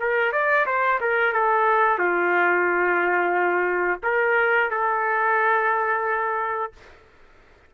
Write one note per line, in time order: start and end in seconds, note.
0.00 0.32 A#4
0.32 0.66 D5
0.66 1.00 C5
1.01 1.33 A#4
1.33 1.99 A4
1.99 4.01 F4
4.03 4.71 A#4
4.71 6.73 A4